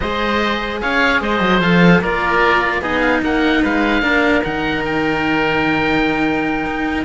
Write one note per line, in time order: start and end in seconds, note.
0.00 0.81 G#3
0.00 1.62 G#4
0.00 0.80 C5
0.00 0.79 D#5
0.81 1.20 C#4
0.81 1.21 C#5
0.81 1.21 F5
1.20 1.40 G#3
1.20 2.01 C5
1.20 1.61 D#5
1.40 1.60 F#3
1.60 2.00 F3
1.60 2.02 A4
1.60 2.01 F5
2.01 2.81 A#3
2.01 2.81 F4
2.01 2.81 A#4
2.01 2.82 D5
2.81 3.21 B3
2.81 4.02 D#4
2.81 3.21 G#4
2.81 3.00 D#5
3.00 3.20 F5
3.22 3.62 A#3
3.22 3.62 A#4
3.22 3.64 F#5
3.62 4.02 G#3
3.62 4.02 B4
3.62 4.43 F5
4.02 4.42 A#3
4.02 4.42 D4
4.02 7.04 A#4
4.43 6.65 D#3
4.43 7.05 D#4
4.43 4.83 F#5
4.85 7.05 G5
6.65 7.05 D#4